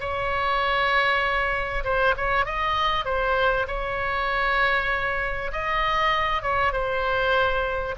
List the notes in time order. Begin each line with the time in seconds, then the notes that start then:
0.00 C#5
1.84 C5
2.17 C#5
2.45 D#5
3.05 C5
3.67 C#5
5.52 D#5
6.42 C#5
6.72 C5